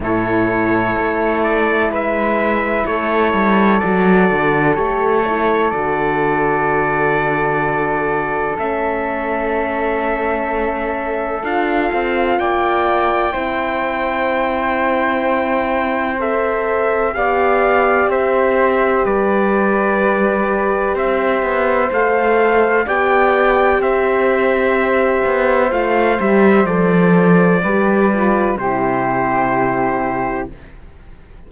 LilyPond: <<
  \new Staff \with { instrumentName = "trumpet" } { \time 4/4 \tempo 4 = 63 cis''4. d''8 e''4 cis''4 | d''4 cis''4 d''2~ | d''4 e''2. | f''4 g''2.~ |
g''4 e''4 f''4 e''4 | d''2 e''4 f''4 | g''4 e''2 f''8 e''8 | d''2 c''2 | }
  \new Staff \with { instrumentName = "flute" } { \time 4/4 a'2 b'4 a'4~ | a'1~ | a'1~ | a'4 d''4 c''2~ |
c''2 d''4 c''4 | b'2 c''2 | d''4 c''2.~ | c''4 b'4 g'2 | }
  \new Staff \with { instrumentName = "horn" } { \time 4/4 e'1 | fis'4 g'8 e'8 fis'2~ | fis'4 cis'2. | f'2 e'2~ |
e'4 a'4 g'2~ | g'2. a'4 | g'2. f'8 g'8 | a'4 g'8 f'8 e'2 | }
  \new Staff \with { instrumentName = "cello" } { \time 4/4 a,4 a4 gis4 a8 g8 | fis8 d8 a4 d2~ | d4 a2. | d'8 c'8 ais4 c'2~ |
c'2 b4 c'4 | g2 c'8 b8 a4 | b4 c'4. b8 a8 g8 | f4 g4 c2 | }
>>